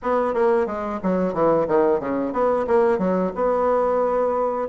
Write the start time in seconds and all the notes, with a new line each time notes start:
0.02 B3
0.34 A#3
0.66 G#3
1.02 F#3
1.33 E3
1.67 D#3
1.99 C#3
2.32 B3
2.67 A#3
2.98 F#3
3.35 B3